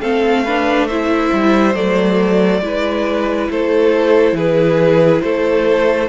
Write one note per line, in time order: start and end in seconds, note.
0.00 1.30 A3
0.00 0.46 C4
0.00 0.43 A4
0.00 0.87 F5
0.44 0.90 D4
0.44 0.87 B4
0.87 1.74 E4
0.87 2.61 C5
0.87 1.74 E5
1.32 1.74 G3
1.74 2.61 F#3
1.74 2.61 A3
1.74 3.48 D5
2.61 3.48 G#3
2.61 6.09 E4
2.61 3.51 B4
3.50 4.32 A3
3.50 4.36 A4
3.50 4.36 C5
4.32 5.19 E3
4.32 5.23 G#4
4.32 5.22 B4
5.22 6.09 A3
5.22 6.09 A4
5.22 6.09 C5